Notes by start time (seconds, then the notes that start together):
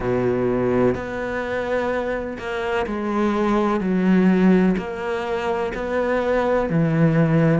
0.00 B2
0.94 B3
2.38 A#3
2.86 G#3
3.80 F#3
4.77 A#3
5.74 B3
6.69 E3